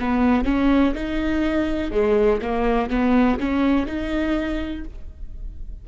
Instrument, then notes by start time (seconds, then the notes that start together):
viola
0.00 B3
0.45 C#4
0.94 D#4
1.92 G#3
2.41 A#3
2.90 B3
3.40 C#4
3.87 D#4